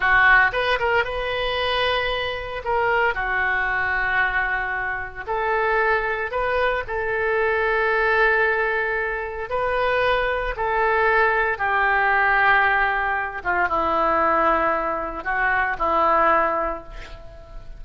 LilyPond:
\new Staff \with { instrumentName = "oboe" } { \time 4/4 \tempo 4 = 114 fis'4 b'8 ais'8 b'2~ | b'4 ais'4 fis'2~ | fis'2 a'2 | b'4 a'2.~ |
a'2 b'2 | a'2 g'2~ | g'4. f'8 e'2~ | e'4 fis'4 e'2 | }